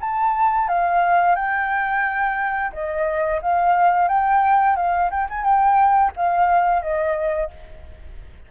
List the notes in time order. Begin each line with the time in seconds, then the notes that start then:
0.00 A5
0.68 F5
1.35 G5
2.72 D#5
3.42 F5
4.08 G5
4.76 F5
5.10 G5
5.29 G#5
5.44 G5
6.16 F5
6.82 D#5